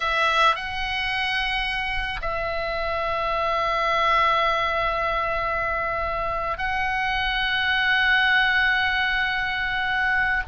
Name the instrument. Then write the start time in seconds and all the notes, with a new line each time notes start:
oboe
0.00 E5
0.55 F#5
2.21 E5
6.58 F#5